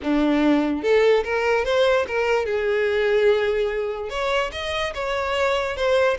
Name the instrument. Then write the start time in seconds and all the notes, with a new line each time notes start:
violin
0.02 D4
0.82 A4
1.24 A#4
1.64 C5
2.07 A#4
2.45 G#4
4.09 C#5
4.51 D#5
4.94 C#5
5.76 C5